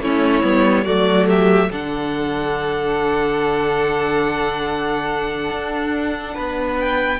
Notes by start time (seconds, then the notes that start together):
0.00 A3 C#4 E4 C#5
0.42 G3 B3
0.84 F#3 A3 F#4 D5
1.27 G4 E5
1.70 D3 D4 A4 F#5
5.49 D4
6.34 B3 B4
6.79 G5